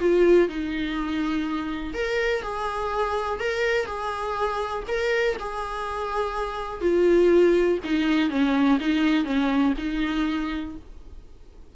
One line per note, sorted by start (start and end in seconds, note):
0.00 0.49 F4
0.49 1.94 D#4
1.94 2.42 A#4
2.42 3.40 G#4
3.40 3.86 A#4
3.86 4.83 G#4
4.88 5.36 A#4
5.39 6.81 G#4
6.81 7.78 F4
7.84 8.30 D#4
8.30 8.78 C#4
8.80 9.25 D#4
9.25 9.73 C#4
9.78 10.75 D#4